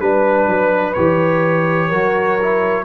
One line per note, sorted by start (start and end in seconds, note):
0.00 0.48 G3
0.00 0.95 D4
0.00 0.93 B4
0.00 1.89 B4
0.48 0.95 F#3
0.93 1.91 E3
0.93 1.91 G4
0.93 2.84 C#5
1.89 2.85 F#3
1.89 2.39 F#4
1.89 2.84 A#4
2.42 2.85 E4